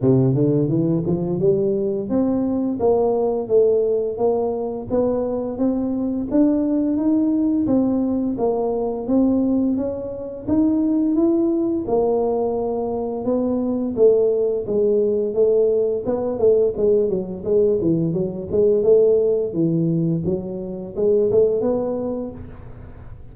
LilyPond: \new Staff \with { instrumentName = "tuba" } { \time 4/4 \tempo 4 = 86 c8 d8 e8 f8 g4 c'4 | ais4 a4 ais4 b4 | c'4 d'4 dis'4 c'4 | ais4 c'4 cis'4 dis'4 |
e'4 ais2 b4 | a4 gis4 a4 b8 a8 | gis8 fis8 gis8 e8 fis8 gis8 a4 | e4 fis4 gis8 a8 b4 | }